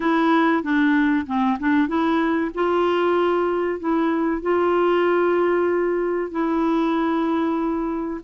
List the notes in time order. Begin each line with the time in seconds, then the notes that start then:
0.00 E4
0.63 D4
1.26 C4
1.59 D4
1.87 E4
2.54 F4
3.79 E4
4.42 F4
6.31 E4